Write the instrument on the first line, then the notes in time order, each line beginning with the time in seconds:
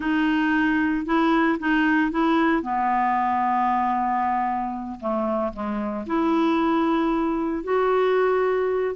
clarinet
0.00 D#4
1.05 E4
1.59 D#4
2.11 E4
2.62 B3
5.00 A3
5.53 G#3
6.06 E4
7.63 F#4